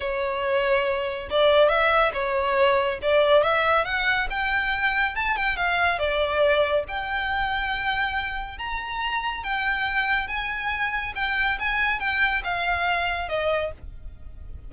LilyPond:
\new Staff \with { instrumentName = "violin" } { \time 4/4 \tempo 4 = 140 cis''2. d''4 | e''4 cis''2 d''4 | e''4 fis''4 g''2 | a''8 g''8 f''4 d''2 |
g''1 | ais''2 g''2 | gis''2 g''4 gis''4 | g''4 f''2 dis''4 | }